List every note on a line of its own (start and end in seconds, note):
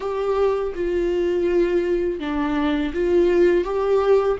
0.00 0.73 G4
0.75 2.19 F4
2.19 2.92 D4
2.93 3.64 F4
3.64 4.37 G4